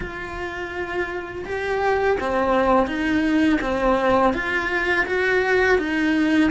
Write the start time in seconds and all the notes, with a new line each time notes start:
0.00 F4
1.45 G4
2.20 C4
2.87 D#4
3.61 C4
4.33 F4
5.06 F#4
5.78 D#4